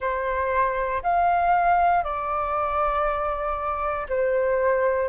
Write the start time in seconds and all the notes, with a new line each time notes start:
0.00 C5
1.03 F5
2.03 D5
4.08 C5